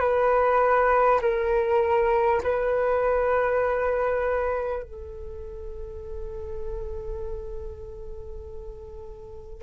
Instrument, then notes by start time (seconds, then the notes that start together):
flute
0.00 B4
1.22 A#4
2.43 B4
4.83 A4